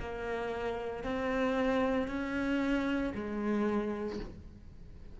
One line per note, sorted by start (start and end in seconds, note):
0.00 1.04 A#3
1.04 2.08 C4
2.08 3.13 C#4
3.15 4.20 G#3